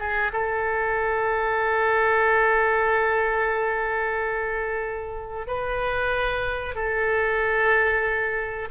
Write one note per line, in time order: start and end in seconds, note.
0.00 0.32 G#4
0.33 5.48 A4
5.48 6.75 B4
6.75 8.69 A4